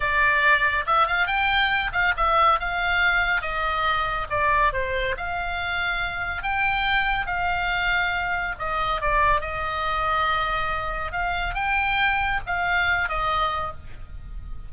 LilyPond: \new Staff \with { instrumentName = "oboe" } { \time 4/4 \tempo 4 = 140 d''2 e''8 f''8 g''4~ | g''8 f''8 e''4 f''2 | dis''2 d''4 c''4 | f''2. g''4~ |
g''4 f''2. | dis''4 d''4 dis''2~ | dis''2 f''4 g''4~ | g''4 f''4. dis''4. | }